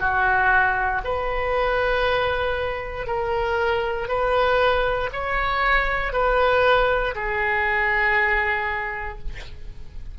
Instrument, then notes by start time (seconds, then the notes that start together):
oboe
0.00 F#4
1.04 B4
3.07 A#4
4.09 B4
5.13 C#5
6.13 B4
7.16 G#4